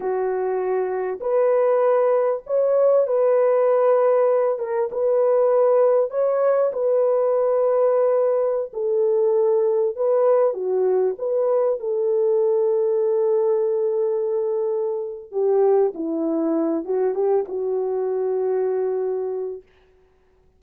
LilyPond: \new Staff \with { instrumentName = "horn" } { \time 4/4 \tempo 4 = 98 fis'2 b'2 | cis''4 b'2~ b'8 ais'8 | b'2 cis''4 b'4~ | b'2~ b'16 a'4.~ a'16~ |
a'16 b'4 fis'4 b'4 a'8.~ | a'1~ | a'4 g'4 e'4. fis'8 | g'8 fis'2.~ fis'8 | }